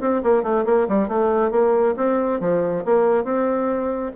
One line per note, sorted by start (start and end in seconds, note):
0.00 0.22 C4
0.22 0.42 A#3
0.42 0.64 A3
0.65 0.87 A#3
0.88 1.08 G3
1.08 1.51 A3
1.51 1.94 A#3
1.96 2.40 C4
2.40 2.84 F3
2.85 3.24 A#3
3.24 4.11 C4